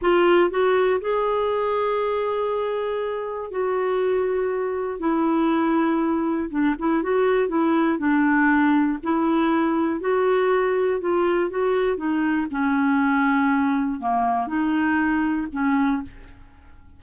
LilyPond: \new Staff \with { instrumentName = "clarinet" } { \time 4/4 \tempo 4 = 120 f'4 fis'4 gis'2~ | gis'2. fis'4~ | fis'2 e'2~ | e'4 d'8 e'8 fis'4 e'4 |
d'2 e'2 | fis'2 f'4 fis'4 | dis'4 cis'2. | ais4 dis'2 cis'4 | }